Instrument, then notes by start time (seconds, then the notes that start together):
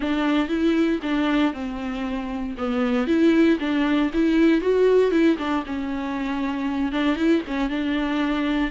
viola
0.00 D4
0.48 E4
1.02 D4
1.53 C4
2.57 B3
3.07 E4
3.59 D4
4.13 E4
4.61 F#4
5.11 E4
5.38 D4
5.65 C#4
6.91 D4
7.16 E4
7.47 C#4
7.69 D4